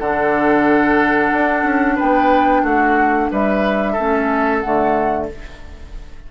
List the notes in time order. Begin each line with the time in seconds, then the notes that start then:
0.00 D3 D4 A4 F#5
1.33 D4
1.64 C#4
1.96 B3 B4 G5
2.63 A3 F#4 F#5
3.32 G3 B4 E5
3.93 C#4 A4
3.99 A3
4.60 D3 A3 F#5